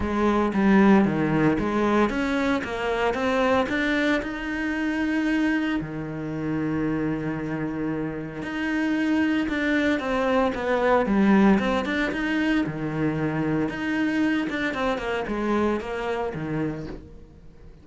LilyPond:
\new Staff \with { instrumentName = "cello" } { \time 4/4 \tempo 4 = 114 gis4 g4 dis4 gis4 | cis'4 ais4 c'4 d'4 | dis'2. dis4~ | dis1 |
dis'2 d'4 c'4 | b4 g4 c'8 d'8 dis'4 | dis2 dis'4. d'8 | c'8 ais8 gis4 ais4 dis4 | }